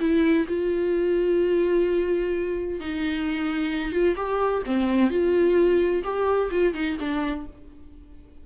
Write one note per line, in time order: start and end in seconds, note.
0.00 0.47 E4
0.48 2.80 F4
2.80 3.92 D#4
3.92 4.15 F4
4.16 4.62 G4
4.66 5.10 C4
5.10 6.03 F4
6.04 6.50 G4
6.51 6.74 F4
6.74 6.97 D#4
6.99 7.46 D4